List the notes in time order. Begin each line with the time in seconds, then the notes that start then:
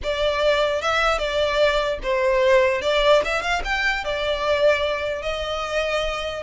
0.03 D5
0.81 E5
1.18 D5
2.02 C5
2.81 D5
3.25 E5
3.42 F5
3.64 G5
4.04 D5
5.22 D#5